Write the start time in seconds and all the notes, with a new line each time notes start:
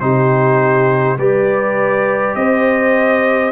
0.00 C3 D#4 G4 C5
1.17 G3 G4 B4 D5
2.35 C4 C5 D#5